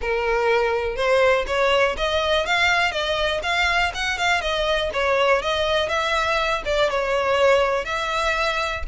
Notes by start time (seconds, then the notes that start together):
0.01 A#4
0.96 C5
1.46 C#5
1.97 D#5
2.46 F5
2.91 D#5
3.42 F5
3.94 F#5
4.18 F5
4.41 D#5
4.93 C#5
5.42 D#5
5.88 E5
6.65 D5
6.90 C#5
7.84 E5